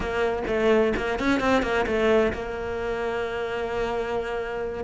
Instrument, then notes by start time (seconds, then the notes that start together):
cello
0.00 A#3
0.47 A3
0.96 A#3
1.19 C#4
1.40 C4
1.62 A#3
1.86 A3
2.32 A#3